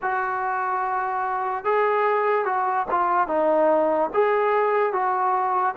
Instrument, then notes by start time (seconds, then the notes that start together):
trombone
0.02 F#4
1.64 G#4
2.45 F#4
2.90 F4
3.27 D#4
4.13 G#4
4.92 F#4